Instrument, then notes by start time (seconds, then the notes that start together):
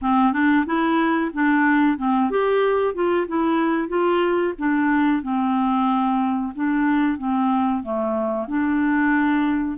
clarinet
0.01 C4
0.32 D4
0.66 E4
1.33 D4
1.97 C4
2.30 G4
2.94 F4
3.27 E4
3.88 F4
4.58 D4
5.22 C4
6.55 D4
7.18 C4
7.83 A3
8.48 D4